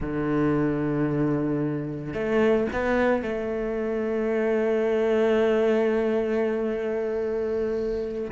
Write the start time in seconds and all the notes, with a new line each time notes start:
0.00 D3
2.13 A3
2.72 B3
3.22 A3